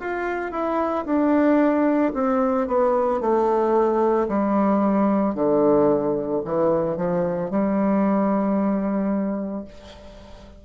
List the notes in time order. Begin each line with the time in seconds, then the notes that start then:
0.00 F4
0.52 E4
1.06 D4
2.14 C4
2.68 B3
3.21 A3
4.29 G3
5.35 D3
6.45 E3
6.97 F3
7.50 G3